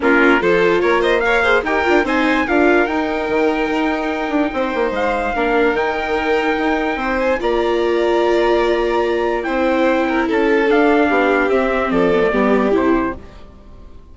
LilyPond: <<
  \new Staff \with { instrumentName = "trumpet" } { \time 4/4 \tempo 4 = 146 ais'4 c''4 cis''8 dis''8 f''4 | g''4 gis''4 f''4 g''4~ | g''1 | f''2 g''2~ |
g''4. gis''8 ais''2~ | ais''2. g''4~ | g''4 a''4 f''2 | e''4 d''2 c''4 | }
  \new Staff \with { instrumentName = "violin" } { \time 4/4 f'4 a'4 ais'8 c''8 cis''8 c''8 | ais'4 c''4 ais'2~ | ais'2. c''4~ | c''4 ais'2.~ |
ais'4 c''4 d''2~ | d''2. c''4~ | c''8 ais'8 a'2 g'4~ | g'4 a'4 g'2 | }
  \new Staff \with { instrumentName = "viola" } { \time 4/4 cis'4 f'2 ais'8 gis'8 | g'8 f'8 dis'4 f'4 dis'4~ | dis'1~ | dis'4 d'4 dis'2~ |
dis'2 f'2~ | f'2. e'4~ | e'2 d'2 | c'4. b16 a16 b4 e'4 | }
  \new Staff \with { instrumentName = "bassoon" } { \time 4/4 ais4 f4 ais2 | dis'8 d'8 c'4 d'4 dis'4 | dis4 dis'4. d'8 c'8 ais8 | gis4 ais4 dis2 |
dis'4 c'4 ais2~ | ais2. c'4~ | c'4 cis'4 d'4 b4 | c'4 f4 g4 c4 | }
>>